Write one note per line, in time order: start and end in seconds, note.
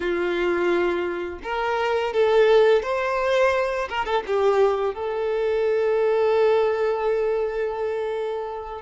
0.00 1.39 F4
1.43 2.13 A#4
2.13 2.82 A4
2.82 3.88 C5
3.89 4.05 A#4
4.05 4.23 A4
4.26 4.94 G4
4.94 8.81 A4